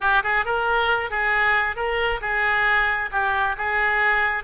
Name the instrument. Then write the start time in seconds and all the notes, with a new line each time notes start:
oboe
0.00 G4
0.23 G#4
0.45 A#4
1.10 G#4
1.76 A#4
2.21 G#4
3.11 G4
3.57 G#4